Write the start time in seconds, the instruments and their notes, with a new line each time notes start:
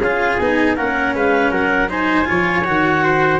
0.00 tuba C#4, cello F4, trumpet G#4, clarinet F5
0.37 tuba B3, cello D#4, clarinet G#5
0.76 tuba A#3, cello C#4, trumpet A#4, clarinet F#5
1.14 tuba G#3, trumpet B4, clarinet F5
1.50 tuba F#3, trumpet A#4, clarinet F#5
1.89 cello D#4, trumpet C5, clarinet G#5
2.24 tuba F3, cello F4, trumpet C#5
2.64 tuba D#3, cello F#4, clarinet F#5
3.04 trumpet C5